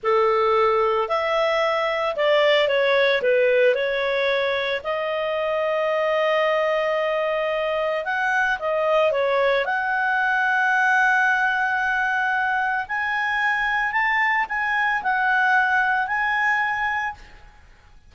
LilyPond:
\new Staff \with { instrumentName = "clarinet" } { \time 4/4 \tempo 4 = 112 a'2 e''2 | d''4 cis''4 b'4 cis''4~ | cis''4 dis''2.~ | dis''2. fis''4 |
dis''4 cis''4 fis''2~ | fis''1 | gis''2 a''4 gis''4 | fis''2 gis''2 | }